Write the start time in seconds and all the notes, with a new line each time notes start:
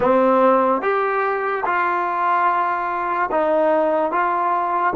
0.00 C4
0.81 G4
1.65 F4
3.31 D#4
4.11 F4